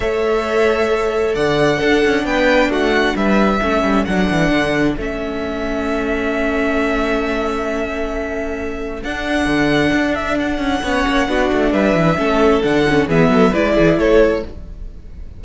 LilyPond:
<<
  \new Staff \with { instrumentName = "violin" } { \time 4/4 \tempo 4 = 133 e''2. fis''4~ | fis''4 g''4 fis''4 e''4~ | e''4 fis''2 e''4~ | e''1~ |
e''1 | fis''2~ fis''8 e''8 fis''4~ | fis''2 e''2 | fis''4 e''4 d''4 cis''4 | }
  \new Staff \with { instrumentName = "violin" } { \time 4/4 cis''2. d''4 | a'4 b'4 fis'4 b'4 | a'1~ | a'1~ |
a'1~ | a'1 | cis''4 fis'4 b'4 a'4~ | a'4 gis'8 a'8 b'8 gis'8 a'4 | }
  \new Staff \with { instrumentName = "viola" } { \time 4/4 a'1 | d'1 | cis'4 d'2 cis'4~ | cis'1~ |
cis'1 | d'1 | cis'4 d'2 cis'4 | d'8 cis'8 b4 e'2 | }
  \new Staff \with { instrumentName = "cello" } { \time 4/4 a2. d4 | d'8 cis'8 b4 a4 g4 | a8 g8 fis8 e8 d4 a4~ | a1~ |
a1 | d'4 d4 d'4. cis'8 | b8 ais8 b8 a8 g8 e8 a4 | d4 e8 fis8 gis8 e8 a4 | }
>>